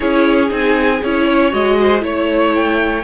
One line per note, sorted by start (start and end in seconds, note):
0.00 0.51 C#4
0.00 0.48 E4
0.00 1.26 G#4
0.00 0.49 C#5
0.49 1.01 C4
0.49 1.00 D#4
0.49 1.03 G#5
1.03 1.53 C#4
1.03 1.51 E4
1.03 1.53 C#5
1.26 1.77 C#5
1.51 2.01 G#3
1.51 2.00 F#4
1.51 2.03 D#5
1.80 2.03 C5
2.00 3.03 A3
2.00 3.01 E4
2.00 3.04 C#5
2.00 2.54 C#5
2.54 3.04 G5